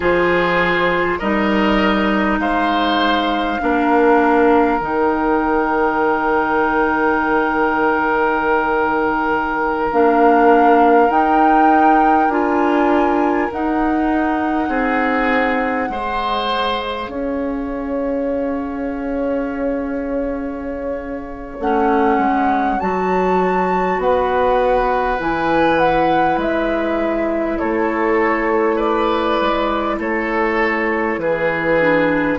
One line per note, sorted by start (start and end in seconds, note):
0.00 1.19 F3
0.00 1.20 F4
0.00 1.19 G#4
0.00 1.18 C5
1.18 2.39 G3
1.18 3.60 D#4
1.18 2.39 A#4
1.18 2.38 D#5
2.39 3.58 G#3
2.39 3.61 C5
2.39 4.79 F5
3.60 4.80 A#3
3.60 4.79 D4
3.60 14.68 A#4
4.79 9.90 D#3
4.79 9.90 D#4
4.79 9.89 G5
9.92 11.09 A#3
9.92 11.09 D4
9.92 11.10 F5
11.09 12.28 D#4
11.09 12.29 D#4
11.09 12.30 G5
12.28 13.48 D4
12.28 13.50 F4
12.28 13.51 G#5
13.52 15.92 D#4
13.52 14.68 D#4
13.52 16.82 F#5
14.68 15.88 C4
14.68 15.88 G#4
15.89 17.07 G#3
15.89 21.61 G#4
15.89 17.10 C5
16.82 21.59 F5
17.07 21.57 C#4
17.07 24.00 C#5
21.59 22.18 A3
21.59 22.80 C#4
21.59 22.80 F#5
22.18 22.78 G#3
22.80 23.98 F#3
22.80 25.18 F#4
22.80 24.00 A5
23.98 25.18 B3
23.98 27.59 B4
23.98 25.20 F#5
25.18 26.37 E3
25.18 31.78 E4
25.18 25.78 G#5
25.78 26.38 F#5
26.37 27.57 G#3
26.37 27.58 E5
27.58 29.41 A3
27.58 28.76 A4
27.58 28.78 C#5
28.76 29.96 B4
28.76 29.98 D5
29.41 29.98 G#3
29.98 31.17 A3
29.98 31.19 A4
29.98 31.19 C#5
31.17 32.37 E3
31.17 32.38 G#4
31.17 32.38 B4
31.79 32.38 D4